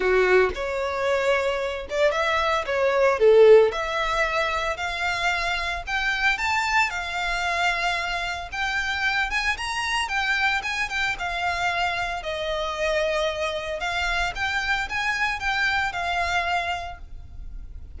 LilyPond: \new Staff \with { instrumentName = "violin" } { \time 4/4 \tempo 4 = 113 fis'4 cis''2~ cis''8 d''8 | e''4 cis''4 a'4 e''4~ | e''4 f''2 g''4 | a''4 f''2. |
g''4. gis''8 ais''4 g''4 | gis''8 g''8 f''2 dis''4~ | dis''2 f''4 g''4 | gis''4 g''4 f''2 | }